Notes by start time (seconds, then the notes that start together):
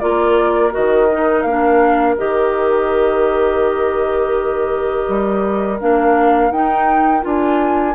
0.00 A#3 F4 A#4 D5
0.72 D#3 F#4 D#5
1.13 D#4
1.42 A#3 F5
1.49 D4
2.18 D#3 G4 D#5
5.09 G3
5.80 A#3 D4 F5
6.51 D#4 G5
7.22 D4 F4 G#5